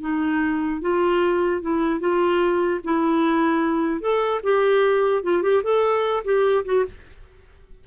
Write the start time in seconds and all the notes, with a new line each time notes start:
0.00 D#4
0.81 F4
1.61 E4
2.00 F4
2.84 E4
4.00 A4
4.43 G4
5.23 F4
5.42 G4
5.63 A4
6.24 G4
6.64 F#4